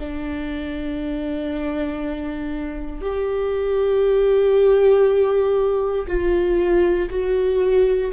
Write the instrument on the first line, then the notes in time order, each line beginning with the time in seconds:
viola
0.00 D4
3.02 G4
6.08 F4
7.10 F#4